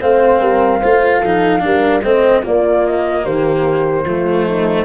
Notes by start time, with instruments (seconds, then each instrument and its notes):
0.00 tuba A3, cello C4, horn C5, flute F5
0.40 tuba G3, horn A#4
0.80 tuba A3, cello F4, horn C5
1.20 tuba F3, cello D#4, horn A4
1.60 tuba G3, cello D4, horn A#4
2.03 tuba A3, cello C4, horn C5, flute D#5
2.43 cello A#3, tuba A#3, horn F4, flute D5
2.86 flute D#5
3.24 tuba D#3, horn G4, flute C5
4.05 tuba F3, cello A3, horn F4
4.46 horn D#4